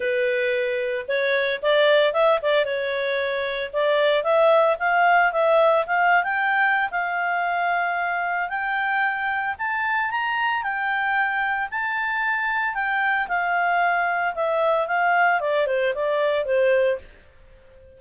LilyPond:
\new Staff \with { instrumentName = "clarinet" } { \time 4/4 \tempo 4 = 113 b'2 cis''4 d''4 | e''8 d''8 cis''2 d''4 | e''4 f''4 e''4 f''8. g''16~ | g''4 f''2. |
g''2 a''4 ais''4 | g''2 a''2 | g''4 f''2 e''4 | f''4 d''8 c''8 d''4 c''4 | }